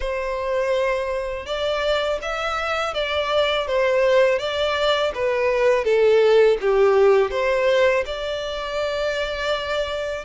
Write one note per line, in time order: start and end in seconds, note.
0.00 1.46 C5
1.46 2.19 D5
2.22 2.94 E5
2.94 3.67 D5
3.67 4.38 C5
4.38 5.12 D5
5.14 5.84 B4
5.84 6.57 A4
6.60 7.30 G4
7.30 8.04 C5
8.05 10.24 D5